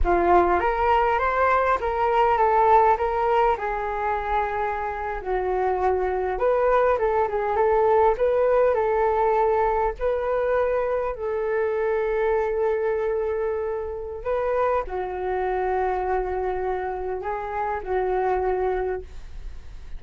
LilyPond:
\new Staff \with { instrumentName = "flute" } { \time 4/4 \tempo 4 = 101 f'4 ais'4 c''4 ais'4 | a'4 ais'4 gis'2~ | gis'8. fis'2 b'4 a'16~ | a'16 gis'8 a'4 b'4 a'4~ a'16~ |
a'8. b'2 a'4~ a'16~ | a'1 | b'4 fis'2.~ | fis'4 gis'4 fis'2 | }